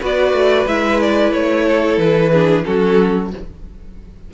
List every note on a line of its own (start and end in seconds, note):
0.00 0.32 B3
0.00 0.66 F#4
0.00 1.65 B4
0.00 0.67 D5
0.32 0.65 A3
0.66 1.32 G#3
0.66 2.32 E4
0.66 1.00 E5
1.00 1.33 D5
1.32 1.97 A3
1.32 1.98 C#5
1.66 2.31 A4
1.97 2.63 E3
1.97 2.64 B4
2.31 2.63 D4
2.31 2.64 G#4
2.63 3.33 F#3
2.63 3.29 C#4
2.63 3.31 F#4
2.63 3.30 A4